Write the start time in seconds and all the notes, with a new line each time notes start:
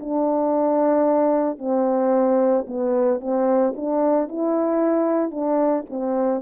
0.00 D4
1.59 C4
2.67 B3
3.20 C4
3.76 D4
4.29 E4
5.31 D4
5.90 C4